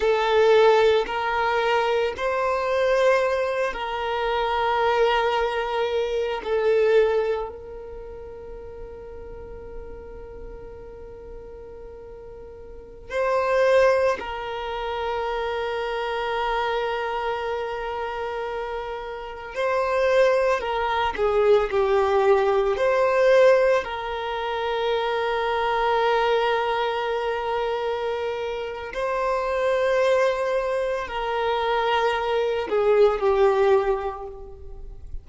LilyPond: \new Staff \with { instrumentName = "violin" } { \time 4/4 \tempo 4 = 56 a'4 ais'4 c''4. ais'8~ | ais'2 a'4 ais'4~ | ais'1~ | ais'16 c''4 ais'2~ ais'8.~ |
ais'2~ ais'16 c''4 ais'8 gis'16~ | gis'16 g'4 c''4 ais'4.~ ais'16~ | ais'2. c''4~ | c''4 ais'4. gis'8 g'4 | }